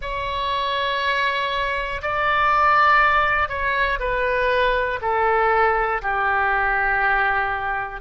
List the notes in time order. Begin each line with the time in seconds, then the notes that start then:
0.01 C#5
2.01 D5
3.49 C#5
4.00 B4
5.01 A4
6.01 G4